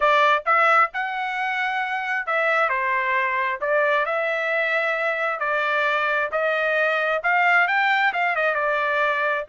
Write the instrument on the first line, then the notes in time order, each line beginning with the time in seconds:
trumpet
0.00 D5
0.45 E5
0.93 F#5
2.26 E5
2.69 C5
3.60 D5
4.05 E5
5.39 D5
6.31 D#5
7.23 F5
7.67 G5
8.13 F5
8.35 D#5
8.54 D5